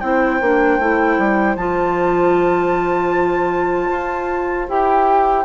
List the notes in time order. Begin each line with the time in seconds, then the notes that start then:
0.00 C4 E4 C5 G5
0.41 A#3 D4
0.79 A3 E4
1.19 G3
1.56 F3 F4 A5
3.91 F4
4.69 E4 G4 G5